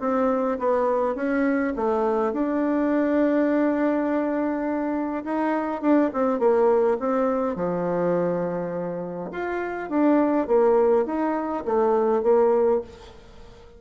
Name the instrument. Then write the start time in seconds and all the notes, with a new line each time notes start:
bassoon
0.00 C4
0.59 B3
1.15 C#4
1.76 A3
2.33 D4
5.25 D#4
5.81 D4
6.13 C4
6.39 A#3
7.00 C4
7.56 F3
9.32 F4
9.89 D4
10.47 A#3
11.06 D#4
11.65 A3
12.23 A#3